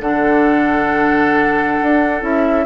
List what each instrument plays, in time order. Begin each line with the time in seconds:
0.00 bassoon D3, clarinet D4, oboe A4, flute F#5
1.82 bassoon D4
2.21 bassoon C#4, clarinet E4, flute E5